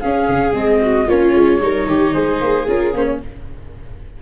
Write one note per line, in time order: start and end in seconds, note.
0.00 0.53 C#4
0.00 0.28 C#4
0.00 0.80 G#4
0.00 0.53 F5
0.28 0.52 C#3
0.52 1.06 G#3
0.52 1.06 C4
0.52 1.09 D#5
0.81 1.06 F#4
1.06 1.34 A#3
1.06 1.60 C#4
1.06 1.59 F4
1.06 2.13 C#5
1.34 1.60 G#3
1.60 1.86 G3
1.60 2.66 D#4
1.60 1.88 A#4
1.86 2.13 D#3
1.86 2.13 G4
2.13 2.41 G#3
2.13 3.19 G#4
2.13 2.66 C5
2.41 2.67 A#3
2.67 2.93 C#4
2.67 2.93 F4
2.67 2.95 A#4
2.93 3.20 A#3
2.93 3.22 C#4
2.93 3.04 C5
3.04 3.18 C#5